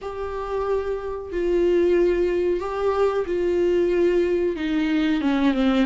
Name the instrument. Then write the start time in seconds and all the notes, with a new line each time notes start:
viola
0.01 G4
1.32 F4
2.60 G4
3.26 F4
4.55 D#4
5.21 C#4
5.53 C4